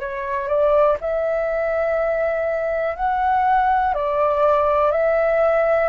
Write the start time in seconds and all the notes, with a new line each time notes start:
0.00 C#5
0.48 D5
1.01 E5
2.96 F#5
3.95 D5
4.92 E5